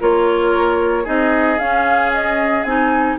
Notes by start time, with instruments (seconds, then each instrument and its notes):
0.00 bassoon A#3, clarinet F4, oboe A#4, flute C#5
1.04 bassoon C4, clarinet D#4, oboe G#4, flute D#5
1.59 bassoon C#4, clarinet C#4, flute F5
2.14 flute D#5
2.64 bassoon C4, clarinet D#4, flute G#5